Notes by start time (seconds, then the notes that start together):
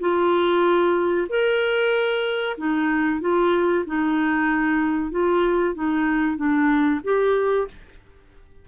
0.00 F4
1.29 A#4
2.58 D#4
3.21 F4
3.86 D#4
5.11 F4
5.75 D#4
6.37 D4
7.04 G4